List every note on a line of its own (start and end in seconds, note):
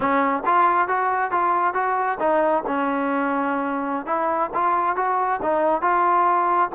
0.00 0.43 C#4
0.45 0.88 F4
0.88 1.31 F#4
1.31 1.74 F4
1.74 2.18 F#4
2.19 2.63 D#4
2.66 4.06 C#4
4.06 4.50 E4
4.53 4.96 F4
4.96 5.40 F#4
5.42 5.81 D#4
5.81 6.69 F4